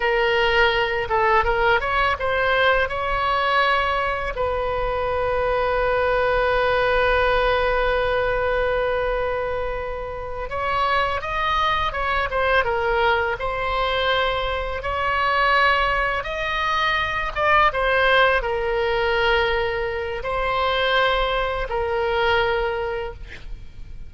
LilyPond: \new Staff \with { instrumentName = "oboe" } { \time 4/4 \tempo 4 = 83 ais'4. a'8 ais'8 cis''8 c''4 | cis''2 b'2~ | b'1~ | b'2~ b'8 cis''4 dis''8~ |
dis''8 cis''8 c''8 ais'4 c''4.~ | c''8 cis''2 dis''4. | d''8 c''4 ais'2~ ais'8 | c''2 ais'2 | }